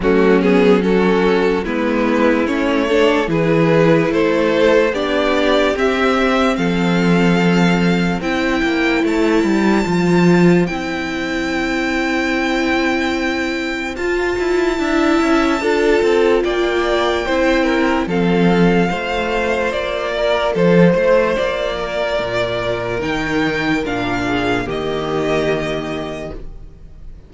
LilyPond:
<<
  \new Staff \with { instrumentName = "violin" } { \time 4/4 \tempo 4 = 73 fis'8 gis'8 a'4 b'4 cis''4 | b'4 c''4 d''4 e''4 | f''2 g''4 a''4~ | a''4 g''2.~ |
g''4 a''2. | g''2 f''2 | d''4 c''4 d''2 | g''4 f''4 dis''2 | }
  \new Staff \with { instrumentName = "violin" } { \time 4/4 cis'4 fis'4 e'4. a'8 | gis'4 a'4 g'2 | a'2 c''2~ | c''1~ |
c''2 e''4 a'4 | d''4 c''8 ais'8 a'4 c''4~ | c''8 ais'8 a'8 c''4 ais'4.~ | ais'4. gis'8 g'2 | }
  \new Staff \with { instrumentName = "viola" } { \time 4/4 a8 b8 cis'4 b4 cis'8 d'8 | e'2 d'4 c'4~ | c'2 e'2 | f'4 e'2.~ |
e'4 f'4 e'4 f'4~ | f'4 e'4 c'4 f'4~ | f'1 | dis'4 d'4 ais2 | }
  \new Staff \with { instrumentName = "cello" } { \time 4/4 fis2 gis4 a4 | e4 a4 b4 c'4 | f2 c'8 ais8 a8 g8 | f4 c'2.~ |
c'4 f'8 e'8 d'8 cis'8 d'8 c'8 | ais4 c'4 f4 a4 | ais4 f8 a8 ais4 ais,4 | dis4 ais,4 dis2 | }
>>